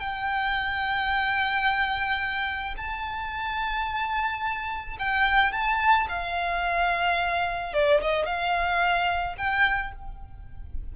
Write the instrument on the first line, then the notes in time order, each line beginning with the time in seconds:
violin
0.00 G5
2.77 A5
4.99 G5
5.52 A5
6.09 F5
7.74 D5
8.02 D#5
8.26 F5
9.38 G5